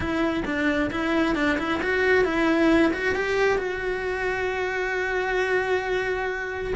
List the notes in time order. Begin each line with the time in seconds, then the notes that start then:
0.00 E4
0.45 D4
0.90 E4
1.35 D4
1.58 E4
1.82 F#4
2.24 E4
2.93 F#4
3.15 G4
3.58 F#4